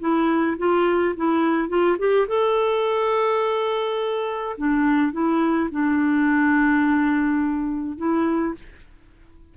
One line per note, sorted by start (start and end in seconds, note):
0.00 0.57 E4
0.58 1.15 F4
1.16 1.69 E4
1.69 1.97 F4
1.99 2.28 G4
2.28 4.56 A4
4.57 5.12 D4
5.12 5.70 E4
5.71 7.97 D4
7.97 8.55 E4